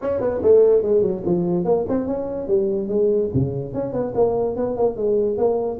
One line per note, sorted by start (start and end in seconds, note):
0.01 0.20 C#4
0.20 0.41 B3
0.42 0.82 A3
0.82 1.02 G#3
1.02 1.22 F#3
1.25 1.65 F3
1.65 1.85 A#3
1.88 2.06 C4
2.06 2.47 C#4
2.47 2.88 G3
2.88 3.30 G#3
3.33 3.73 C#3
3.73 3.92 C#4
3.92 4.13 B3
4.14 4.56 A#3
4.56 4.76 B3
4.76 4.96 A#3
4.96 5.37 G#3
5.37 5.79 A#3